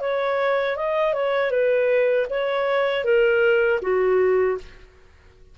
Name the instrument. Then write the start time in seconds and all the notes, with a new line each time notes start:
clarinet
0.00 C#5
0.76 D#5
1.14 C#5
1.51 B4
2.30 C#5
3.04 A#4
3.82 F#4